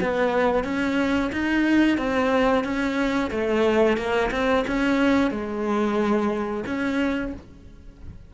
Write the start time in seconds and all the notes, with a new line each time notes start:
0.00 B3
0.64 C#4
1.32 D#4
1.98 C4
2.64 C#4
3.31 A3
3.97 A#3
4.31 C4
4.67 C#4
5.31 G#3
6.66 C#4